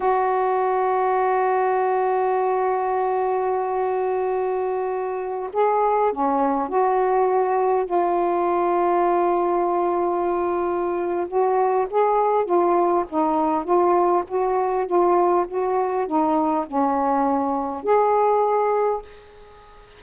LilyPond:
\new Staff \with { instrumentName = "saxophone" } { \time 4/4 \tempo 4 = 101 fis'1~ | fis'1~ | fis'4~ fis'16 gis'4 cis'4 fis'8.~ | fis'4~ fis'16 f'2~ f'8.~ |
f'2. fis'4 | gis'4 f'4 dis'4 f'4 | fis'4 f'4 fis'4 dis'4 | cis'2 gis'2 | }